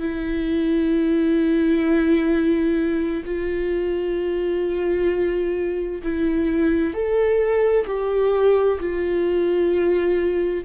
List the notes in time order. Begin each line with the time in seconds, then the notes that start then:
0.00 E4
3.26 F4
6.03 E4
6.94 A4
7.87 G4
8.80 F4